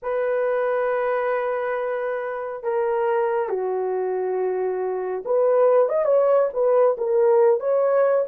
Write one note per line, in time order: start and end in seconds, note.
0.02 2.63 B4
2.63 3.49 A#4
3.49 5.23 F#4
5.25 5.88 B4
5.88 6.05 D#5
6.05 6.48 C#5
6.53 6.96 B4
6.97 7.60 A#4
7.60 8.25 C#5